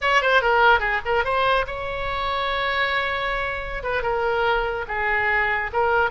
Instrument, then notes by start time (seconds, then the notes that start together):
oboe
0.01 C#5
0.21 C5
0.41 A#4
0.79 G#4
1.05 A#4
1.24 C5
1.66 C#5
3.83 B4
4.02 A#4
4.88 G#4
5.72 A#4